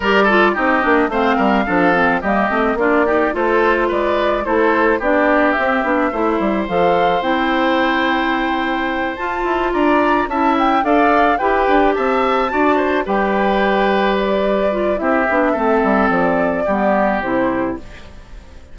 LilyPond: <<
  \new Staff \with { instrumentName = "flute" } { \time 4/4 \tempo 4 = 108 d''4 dis''4 f''2 | dis''4 d''4 c''4 d''4 | c''4 d''4 e''2 | f''4 g''2.~ |
g''8 a''4 ais''4 a''8 g''8 f''8~ | f''8 g''4 a''2 g''8~ | g''4. d''4. e''4~ | e''4 d''2 c''4 | }
  \new Staff \with { instrumentName = "oboe" } { \time 4/4 ais'8 a'8 g'4 c''8 ais'8 a'4 | g'4 f'8 g'8 a'4 b'4 | a'4 g'2 c''4~ | c''1~ |
c''4. d''4 e''4 d''8~ | d''8 b'4 e''4 d''8 c''8 b'8~ | b'2. g'4 | a'2 g'2 | }
  \new Staff \with { instrumentName = "clarinet" } { \time 4/4 g'8 f'8 dis'8 d'8 c'4 d'8 c'8 | ais8 c'8 d'8 dis'8 f'2 | e'4 d'4 c'8 d'8 e'4 | a'4 e'2.~ |
e'8 f'2 e'4 a'8~ | a'8 g'2 fis'4 g'8~ | g'2~ g'8 f'8 e'8 d'8 | c'2 b4 e'4 | }
  \new Staff \with { instrumentName = "bassoon" } { \time 4/4 g4 c'8 ais8 a8 g8 f4 | g8 a8 ais4 a4 gis4 | a4 b4 c'8 b8 a8 g8 | f4 c'2.~ |
c'8 f'8 e'8 d'4 cis'4 d'8~ | d'8 e'8 d'8 c'4 d'4 g8~ | g2. c'8 b8 | a8 g8 f4 g4 c4 | }
>>